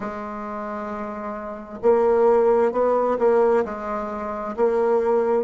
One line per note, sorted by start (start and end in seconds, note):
0.00 1.79 G#3
1.82 2.71 A#3
2.71 3.17 B3
3.18 3.64 A#3
3.64 4.55 G#3
4.56 5.43 A#3